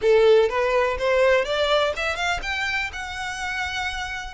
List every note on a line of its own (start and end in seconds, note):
0.01 0.49 A4
0.49 0.97 B4
0.98 1.44 C5
1.44 1.93 D5
1.96 2.15 E5
2.15 2.40 F5
2.42 2.91 G5
2.92 4.34 F#5